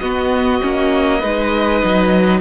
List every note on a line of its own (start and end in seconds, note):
0.00 0.61 B3
0.00 1.20 F#4
0.00 2.40 D#5
0.61 1.23 A#3
0.61 1.22 C#4
1.20 1.83 G#3
1.20 2.42 D#4
1.20 2.40 B4
1.84 2.42 F#3